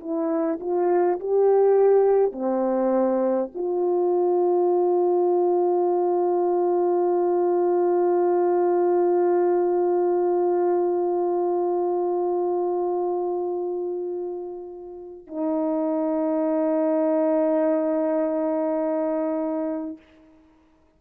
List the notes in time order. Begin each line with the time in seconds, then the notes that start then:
0.00 E4
0.60 F4
1.20 G4
2.32 C4
3.55 F4
15.27 D#4